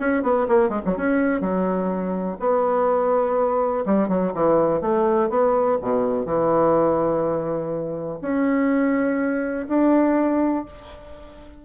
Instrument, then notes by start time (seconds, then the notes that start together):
bassoon
0.00 C#4
0.23 B3
0.48 A#3
0.70 G#3
0.86 F#3
0.97 C#4
1.41 F#3
2.40 B3
3.86 G3
4.09 F#3
4.34 E3
4.82 A3
5.30 B3
5.82 B2
6.26 E3
8.22 C#4
9.69 D4